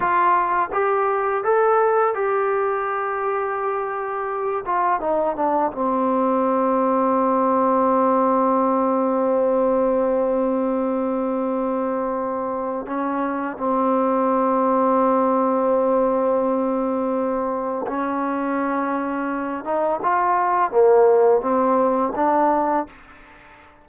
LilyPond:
\new Staff \with { instrumentName = "trombone" } { \time 4/4 \tempo 4 = 84 f'4 g'4 a'4 g'4~ | g'2~ g'8 f'8 dis'8 d'8 | c'1~ | c'1~ |
c'2 cis'4 c'4~ | c'1~ | c'4 cis'2~ cis'8 dis'8 | f'4 ais4 c'4 d'4 | }